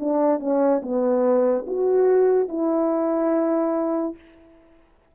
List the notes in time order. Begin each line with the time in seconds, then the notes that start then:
0.00 D4
0.40 C#4
0.83 B3
1.67 F#4
2.49 E4